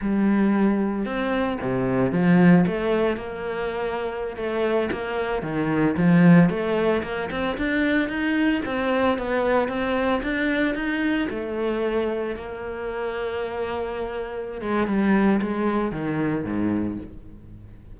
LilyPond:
\new Staff \with { instrumentName = "cello" } { \time 4/4 \tempo 4 = 113 g2 c'4 c4 | f4 a4 ais2~ | ais16 a4 ais4 dis4 f8.~ | f16 a4 ais8 c'8 d'4 dis'8.~ |
dis'16 c'4 b4 c'4 d'8.~ | d'16 dis'4 a2 ais8.~ | ais2.~ ais8 gis8 | g4 gis4 dis4 gis,4 | }